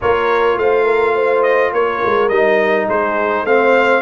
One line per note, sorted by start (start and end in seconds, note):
0.01 0.57 A#3
0.01 2.31 F4
0.01 0.59 A#4
0.01 0.58 C#5
0.57 1.72 A3
0.57 0.84 C5
0.57 1.43 F5
0.84 1.13 A#4
1.15 1.72 C5
1.43 1.71 D#5
1.72 2.01 A#3
1.72 2.89 A#4
1.72 2.28 C#5
2.05 2.29 G#3
2.28 2.87 G3
2.28 3.46 D#4
2.28 2.86 D#5
2.88 3.44 G#3
2.88 3.46 G#4
2.88 3.45 C5
3.44 4.01 A3
3.44 4.02 C4
3.44 4.02 C5
3.44 4.02 F5